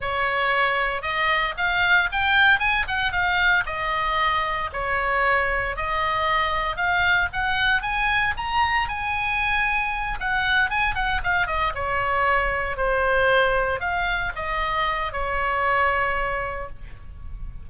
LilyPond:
\new Staff \with { instrumentName = "oboe" } { \time 4/4 \tempo 4 = 115 cis''2 dis''4 f''4 | g''4 gis''8 fis''8 f''4 dis''4~ | dis''4 cis''2 dis''4~ | dis''4 f''4 fis''4 gis''4 |
ais''4 gis''2~ gis''8 fis''8~ | fis''8 gis''8 fis''8 f''8 dis''8 cis''4.~ | cis''8 c''2 f''4 dis''8~ | dis''4 cis''2. | }